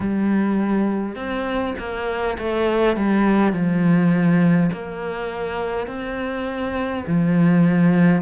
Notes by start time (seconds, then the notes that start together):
0.00 G3
1.15 C4
1.79 A#3
2.38 A3
2.96 G3
3.52 F3
4.72 A#3
5.86 C4
7.06 F3